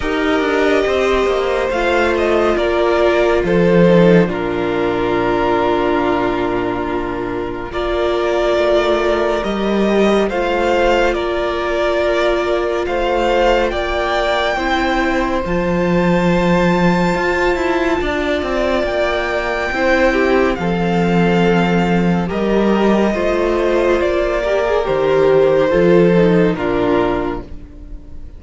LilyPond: <<
  \new Staff \with { instrumentName = "violin" } { \time 4/4 \tempo 4 = 70 dis''2 f''8 dis''8 d''4 | c''4 ais'2.~ | ais'4 d''2 dis''4 | f''4 d''2 f''4 |
g''2 a''2~ | a''2 g''2 | f''2 dis''2 | d''4 c''2 ais'4 | }
  \new Staff \with { instrumentName = "violin" } { \time 4/4 ais'4 c''2 ais'4 | a'4 f'2.~ | f'4 ais'2. | c''4 ais'2 c''4 |
d''4 c''2.~ | c''4 d''2 c''8 g'8 | a'2 ais'4 c''4~ | c''8 ais'4. a'4 f'4 | }
  \new Staff \with { instrumentName = "viola" } { \time 4/4 g'2 f'2~ | f'8 dis'8 d'2.~ | d'4 f'2 g'4 | f'1~ |
f'4 e'4 f'2~ | f'2. e'4 | c'2 g'4 f'4~ | f'8 g'16 gis'16 g'4 f'8 dis'8 d'4 | }
  \new Staff \with { instrumentName = "cello" } { \time 4/4 dis'8 d'8 c'8 ais8 a4 ais4 | f4 ais,2.~ | ais,4 ais4 a4 g4 | a4 ais2 a4 |
ais4 c'4 f2 | f'8 e'8 d'8 c'8 ais4 c'4 | f2 g4 a4 | ais4 dis4 f4 ais,4 | }
>>